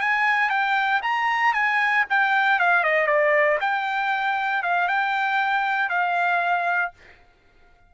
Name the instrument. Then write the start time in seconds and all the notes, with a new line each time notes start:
trumpet
0.00 G#5
0.49 G5
1.02 A#5
1.53 G#5
2.10 G5
2.59 F5
2.83 D#5
3.07 D5
3.60 G5
4.62 F5
4.88 G5
5.89 F5